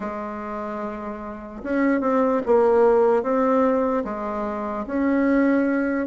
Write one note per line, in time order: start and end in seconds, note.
0.00 1.62 G#3
1.63 2.00 C#4
2.00 2.41 C4
2.45 3.22 A#3
3.22 4.03 C4
4.04 4.85 G#3
4.86 6.06 C#4